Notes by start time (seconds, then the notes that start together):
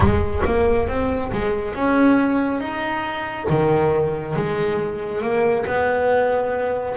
0.00 G#3
0.45 A#3
0.87 C4
1.32 G#3
1.74 C#4
2.60 D#4
3.49 D#3
4.36 G#3
5.21 A#3
5.66 B3